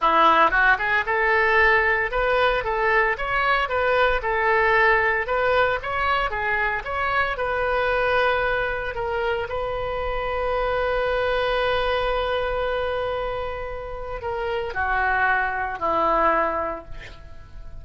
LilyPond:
\new Staff \with { instrumentName = "oboe" } { \time 4/4 \tempo 4 = 114 e'4 fis'8 gis'8 a'2 | b'4 a'4 cis''4 b'4 | a'2 b'4 cis''4 | gis'4 cis''4 b'2~ |
b'4 ais'4 b'2~ | b'1~ | b'2. ais'4 | fis'2 e'2 | }